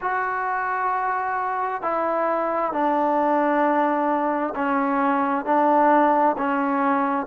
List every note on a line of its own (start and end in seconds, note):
0.01 1.81 F#4
1.81 2.72 E4
2.72 4.54 D4
4.55 5.45 C#4
5.45 6.36 D4
6.37 7.26 C#4